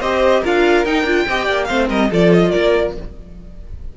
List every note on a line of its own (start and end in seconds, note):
0.00 0.42 C4
0.00 0.44 G4
0.00 0.41 C5
0.00 0.43 D#5
0.41 0.85 D4
0.41 0.85 F4
0.41 1.25 A#4
0.41 0.85 F5
0.85 1.04 D#4
0.85 1.06 D#4
0.85 1.64 G5
1.04 1.25 D4
1.04 1.27 F4
1.28 1.48 C4
1.28 1.68 G4
1.28 1.45 D#5
1.45 1.69 A#3
1.45 1.66 D5
1.64 1.89 A3
1.64 2.10 C4
1.64 1.88 C5
1.64 1.85 F5
1.88 2.10 G3
1.88 2.09 A#4
1.88 2.11 D#5
2.10 2.54 F3
2.10 2.95 F4
2.10 2.51 A4
2.10 2.33 D5
2.33 2.51 D#5
2.51 2.97 A#3
2.51 2.93 A#4
2.51 2.93 D5